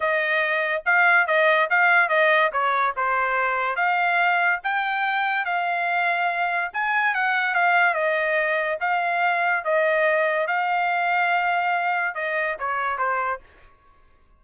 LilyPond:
\new Staff \with { instrumentName = "trumpet" } { \time 4/4 \tempo 4 = 143 dis''2 f''4 dis''4 | f''4 dis''4 cis''4 c''4~ | c''4 f''2 g''4~ | g''4 f''2. |
gis''4 fis''4 f''4 dis''4~ | dis''4 f''2 dis''4~ | dis''4 f''2.~ | f''4 dis''4 cis''4 c''4 | }